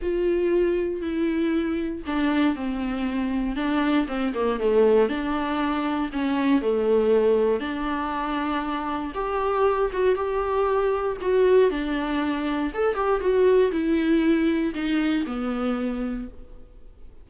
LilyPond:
\new Staff \with { instrumentName = "viola" } { \time 4/4 \tempo 4 = 118 f'2 e'2 | d'4 c'2 d'4 | c'8 ais8 a4 d'2 | cis'4 a2 d'4~ |
d'2 g'4. fis'8 | g'2 fis'4 d'4~ | d'4 a'8 g'8 fis'4 e'4~ | e'4 dis'4 b2 | }